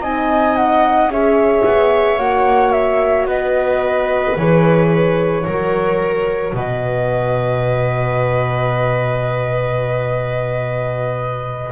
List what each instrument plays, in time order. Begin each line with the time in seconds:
0.00 double bass C4, horn D#4, viola D#5, flute G#5
0.57 flute F#5
1.07 double bass C#4, horn G#4, flute E5
1.14 viola C#5
1.65 double bass B3
2.18 double bass A#3, horn F#4, flute F#5
2.72 flute E5
3.26 double bass B3, viola B4, flute D#5
4.37 double bass E3, horn G#4, flute C#5
5.46 double bass F#3, horn F#4, viola A#4
6.53 double bass B2, viola B4, flute D#5